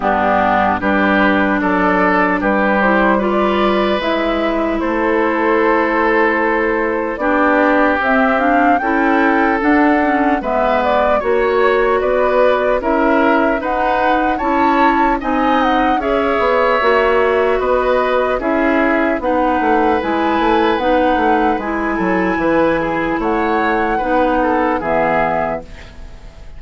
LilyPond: <<
  \new Staff \with { instrumentName = "flute" } { \time 4/4 \tempo 4 = 75 g'4 b'4 d''4 b'8 c''8 | d''4 e''4 c''2~ | c''4 d''4 e''8 f''8 g''4 | fis''4 e''8 d''8 cis''4 d''4 |
e''4 fis''4 a''4 gis''8 fis''8 | e''2 dis''4 e''4 | fis''4 gis''4 fis''4 gis''4~ | gis''4 fis''2 e''4 | }
  \new Staff \with { instrumentName = "oboe" } { \time 4/4 d'4 g'4 a'4 g'4 | b'2 a'2~ | a'4 g'2 a'4~ | a'4 b'4 cis''4 b'4 |
ais'4 b'4 cis''4 dis''4 | cis''2 b'4 gis'4 | b'2.~ b'8 a'8 | b'8 gis'8 cis''4 b'8 a'8 gis'4 | }
  \new Staff \with { instrumentName = "clarinet" } { \time 4/4 b4 d'2~ d'8 e'8 | f'4 e'2.~ | e'4 d'4 c'8 d'8 e'4 | d'8 cis'8 b4 fis'2 |
e'4 dis'4 e'4 dis'4 | gis'4 fis'2 e'4 | dis'4 e'4 dis'4 e'4~ | e'2 dis'4 b4 | }
  \new Staff \with { instrumentName = "bassoon" } { \time 4/4 g,4 g4 fis4 g4~ | g4 gis4 a2~ | a4 b4 c'4 cis'4 | d'4 gis4 ais4 b4 |
cis'4 dis'4 cis'4 c'4 | cis'8 b8 ais4 b4 cis'4 | b8 a8 gis8 a8 b8 a8 gis8 fis8 | e4 a4 b4 e4 | }
>>